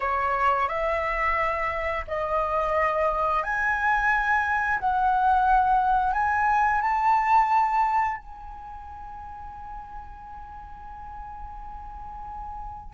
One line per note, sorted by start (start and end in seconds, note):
0.00 0.68 C#5
0.68 2.05 E5
2.07 3.43 D#5
3.43 4.79 G#5
4.79 6.12 F#5
6.12 6.81 G#5
6.81 8.17 A5
8.17 12.94 G#5